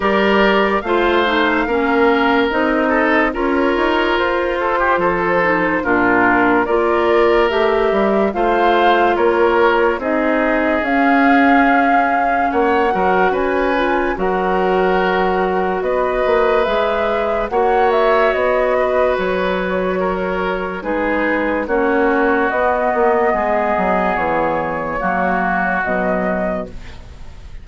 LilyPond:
<<
  \new Staff \with { instrumentName = "flute" } { \time 4/4 \tempo 4 = 72 d''4 f''2 dis''4 | cis''4 c''2 ais'4 | d''4 e''4 f''4 cis''4 | dis''4 f''2 fis''4 |
gis''4 fis''2 dis''4 | e''4 fis''8 e''8 dis''4 cis''4~ | cis''4 b'4 cis''4 dis''4~ | dis''4 cis''2 dis''4 | }
  \new Staff \with { instrumentName = "oboe" } { \time 4/4 ais'4 c''4 ais'4. a'8 | ais'4. a'16 g'16 a'4 f'4 | ais'2 c''4 ais'4 | gis'2. cis''8 ais'8 |
b'4 ais'2 b'4~ | b'4 cis''4. b'4. | ais'4 gis'4 fis'2 | gis'2 fis'2 | }
  \new Staff \with { instrumentName = "clarinet" } { \time 4/4 g'4 f'8 dis'8 cis'4 dis'4 | f'2~ f'8 dis'8 d'4 | f'4 g'4 f'2 | dis'4 cis'2~ cis'8 fis'8~ |
fis'8 f'8 fis'2. | gis'4 fis'2.~ | fis'4 dis'4 cis'4 b4~ | b2 ais4 fis4 | }
  \new Staff \with { instrumentName = "bassoon" } { \time 4/4 g4 a4 ais4 c'4 | cis'8 dis'8 f'4 f4 ais,4 | ais4 a8 g8 a4 ais4 | c'4 cis'2 ais8 fis8 |
cis'4 fis2 b8 ais8 | gis4 ais4 b4 fis4~ | fis4 gis4 ais4 b8 ais8 | gis8 fis8 e4 fis4 b,4 | }
>>